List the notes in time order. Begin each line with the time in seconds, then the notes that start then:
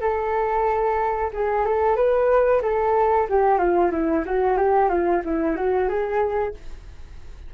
0.00 A4
1.33 G#4
1.65 A4
1.96 B4
2.62 A4
3.29 G4
3.58 F4
3.91 E4
4.25 F#4
4.57 G4
4.89 F4
5.24 E4
5.56 F#4
5.88 G#4